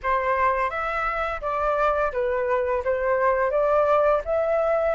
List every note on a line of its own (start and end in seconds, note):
0.02 0.70 C5
0.70 1.40 E5
1.41 2.11 D5
2.12 2.83 B4
2.84 3.50 C5
3.50 4.21 D5
4.24 4.95 E5